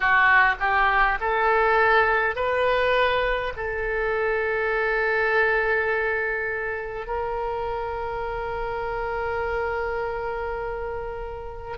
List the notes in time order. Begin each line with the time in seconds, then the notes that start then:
0.00 F#4
0.59 G4
1.20 A4
2.35 B4
3.56 A4
7.06 A#4